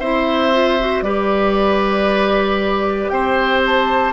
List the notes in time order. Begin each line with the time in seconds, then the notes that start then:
0.00 C4 E4 C5 E5
0.53 F4
0.80 F#4
1.02 G3 G4 B4 D5
3.09 C4 C5 G5
3.67 A5